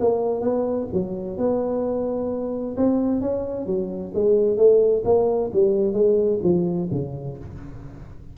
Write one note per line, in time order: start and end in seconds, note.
0.00 0.41 A#3
0.41 0.87 B3
0.93 1.37 F#3
1.37 2.76 B3
2.77 3.21 C4
3.21 3.66 C#4
3.66 4.12 F#3
4.14 4.57 G#3
4.57 5.03 A3
5.05 5.51 A#3
5.53 5.93 G3
5.93 6.39 G#3
6.43 6.89 F3
6.91 7.37 C#3